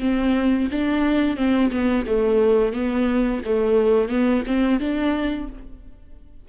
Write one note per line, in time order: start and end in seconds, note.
0.00 0.68 C4
0.72 1.37 D4
1.37 1.71 C4
1.72 2.06 B3
2.06 2.73 A3
2.73 3.41 B3
3.45 4.09 A3
4.09 4.43 B3
4.47 4.80 C4
4.80 5.48 D4